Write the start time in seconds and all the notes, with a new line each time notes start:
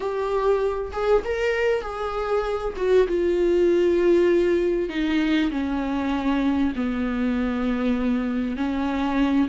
0.00 G4
0.92 G#4
1.24 A#4
1.81 G#4
2.76 F#4
3.07 F4
4.89 D#4
5.50 C#4
6.75 B3
8.56 C#4